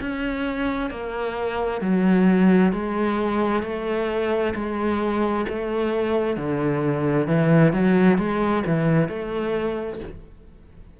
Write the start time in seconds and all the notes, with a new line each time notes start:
0.00 C#4
0.90 A#3
1.81 F#3
2.72 G#3
3.63 A3
4.54 G#3
5.49 A3
6.37 D3
7.27 E3
7.72 F#3
8.17 G#3
8.66 E3
9.09 A3